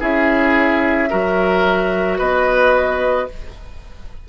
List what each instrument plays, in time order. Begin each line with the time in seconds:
0.00 bassoon C#4, clarinet E4, oboe G#4, flute E5
1.10 bassoon F#3, clarinet F#4, oboe A#4
2.18 bassoon B3, oboe B4, flute D#5